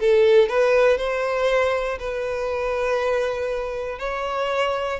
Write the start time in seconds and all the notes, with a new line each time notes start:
0.00 A4
0.49 B4
0.98 C5
1.99 B4
3.99 C#5